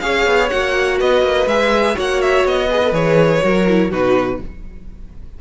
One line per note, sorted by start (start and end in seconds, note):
0.00 0.26 C#4
0.00 0.50 G#4
0.00 0.98 C#5
0.00 0.49 F5
0.26 0.51 B3
0.50 1.02 A#3
0.50 1.48 F#4
0.50 0.98 F#5
0.98 1.22 B3
0.98 1.95 B4
0.98 1.48 D#5
1.22 1.46 A#3
1.46 1.95 G#3
1.46 1.94 G#4
1.46 1.97 E5
1.94 2.44 A#3
1.94 2.68 F#4
1.94 2.68 C#5
1.94 2.21 F#5
2.21 2.46 E5
2.44 2.92 B3
2.44 2.94 D#5
2.70 2.83 G#4
2.70 3.43 B4
2.84 2.92 A4
2.92 3.41 E3
2.92 3.41 G#4
2.92 3.91 C#5
3.42 3.91 F#3
3.42 3.66 F#4
3.42 3.91 A#4
3.68 3.92 E4
3.91 4.40 B2
3.91 4.41 D#4
3.91 4.39 F#4
3.91 4.41 B4